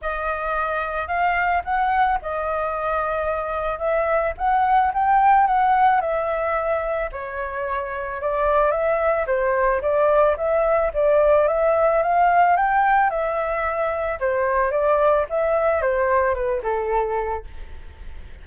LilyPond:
\new Staff \with { instrumentName = "flute" } { \time 4/4 \tempo 4 = 110 dis''2 f''4 fis''4 | dis''2. e''4 | fis''4 g''4 fis''4 e''4~ | e''4 cis''2 d''4 |
e''4 c''4 d''4 e''4 | d''4 e''4 f''4 g''4 | e''2 c''4 d''4 | e''4 c''4 b'8 a'4. | }